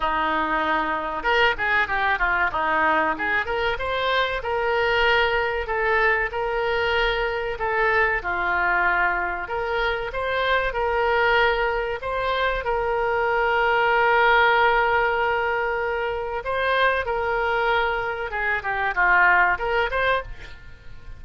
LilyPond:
\new Staff \with { instrumentName = "oboe" } { \time 4/4 \tempo 4 = 95 dis'2 ais'8 gis'8 g'8 f'8 | dis'4 gis'8 ais'8 c''4 ais'4~ | ais'4 a'4 ais'2 | a'4 f'2 ais'4 |
c''4 ais'2 c''4 | ais'1~ | ais'2 c''4 ais'4~ | ais'4 gis'8 g'8 f'4 ais'8 c''8 | }